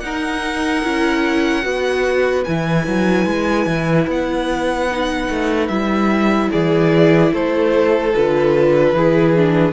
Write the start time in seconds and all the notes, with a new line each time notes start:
0.00 D#4 A#4 F#5
0.84 C#4 E4
1.62 B3 F#4 B4
2.44 E3 E4 G#5
2.87 F#3
3.26 G#3
3.66 E3
4.07 B3 F#5
4.91 D#4
5.29 A3
5.68 G3 E4 E5
6.51 E3 G#4 D5
7.32 A3 A4 C5
8.14 D3 F4 B4
8.93 E3 E4 G#4
9.36 D4